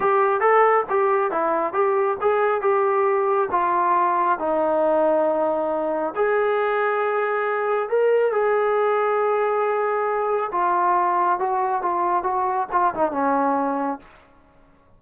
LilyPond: \new Staff \with { instrumentName = "trombone" } { \time 4/4 \tempo 4 = 137 g'4 a'4 g'4 e'4 | g'4 gis'4 g'2 | f'2 dis'2~ | dis'2 gis'2~ |
gis'2 ais'4 gis'4~ | gis'1 | f'2 fis'4 f'4 | fis'4 f'8 dis'8 cis'2 | }